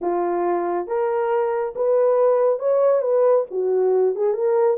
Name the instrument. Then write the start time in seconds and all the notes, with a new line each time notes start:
horn
0.01 F4
0.87 A#4
1.75 B4
2.59 C#5
3.01 B4
3.50 F#4
4.15 G#4
4.33 A#4